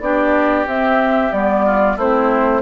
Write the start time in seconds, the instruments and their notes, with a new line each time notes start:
0.00 bassoon B3, clarinet D4, oboe G4, flute D5
0.66 clarinet C4, bassoon C4, flute E5
1.32 bassoon G3, clarinet B3, flute D5
1.65 oboe F4
1.96 bassoon A3, clarinet C4, oboe E4, flute C5